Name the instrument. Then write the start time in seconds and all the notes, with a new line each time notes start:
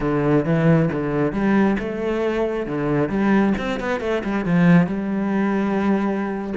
cello
0.00 D3
0.45 E3
0.92 D3
1.32 G3
1.79 A3
2.66 D3
3.09 G3
3.58 C4
3.80 B3
4.00 A3
4.24 G3
4.45 F3
4.87 G3